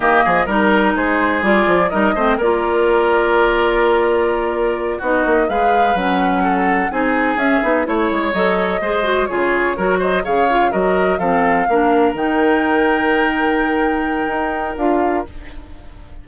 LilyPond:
<<
  \new Staff \with { instrumentName = "flute" } { \time 4/4 \tempo 4 = 126 dis''4 ais'4 c''4 d''4 | dis''4 d''2.~ | d''2~ d''8 dis''4 f''8~ | f''8 fis''2 gis''4 e''8~ |
e''8 cis''4 dis''2 cis''8~ | cis''4 dis''8 f''4 dis''4 f''8~ | f''4. g''2~ g''8~ | g''2. f''4 | }
  \new Staff \with { instrumentName = "oboe" } { \time 4/4 g'8 gis'8 ais'4 gis'2 | ais'8 c''8 ais'2.~ | ais'2~ ais'8 fis'4 b'8~ | b'4. a'4 gis'4.~ |
gis'8 cis''2 c''4 gis'8~ | gis'8 ais'8 c''8 cis''4 ais'4 a'8~ | a'8 ais'2.~ ais'8~ | ais'1 | }
  \new Staff \with { instrumentName = "clarinet" } { \time 4/4 ais4 dis'2 f'4 | dis'8 c'8 f'2.~ | f'2~ f'8 dis'4 gis'8~ | gis'8 cis'2 dis'4 cis'8 |
dis'8 e'4 a'4 gis'8 fis'8 f'8~ | f'8 fis'4 gis'8 f'8 fis'4 c'8~ | c'8 d'4 dis'2~ dis'8~ | dis'2. f'4 | }
  \new Staff \with { instrumentName = "bassoon" } { \time 4/4 dis8 f8 g4 gis4 g8 f8 | g8 a8 ais2.~ | ais2~ ais8 b8 ais8 gis8~ | gis8 fis2 c'4 cis'8 |
b8 a8 gis8 fis4 gis4 cis8~ | cis8 fis4 cis4 fis4 f8~ | f8 ais4 dis2~ dis8~ | dis2 dis'4 d'4 | }
>>